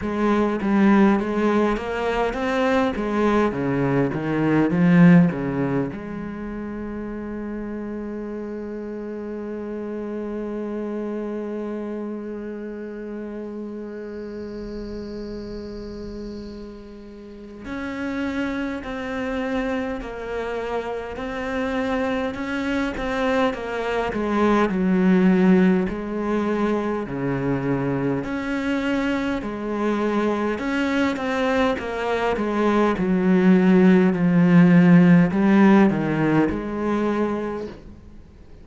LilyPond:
\new Staff \with { instrumentName = "cello" } { \time 4/4 \tempo 4 = 51 gis8 g8 gis8 ais8 c'8 gis8 cis8 dis8 | f8 cis8 gis2.~ | gis1~ | gis2. cis'4 |
c'4 ais4 c'4 cis'8 c'8 | ais8 gis8 fis4 gis4 cis4 | cis'4 gis4 cis'8 c'8 ais8 gis8 | fis4 f4 g8 dis8 gis4 | }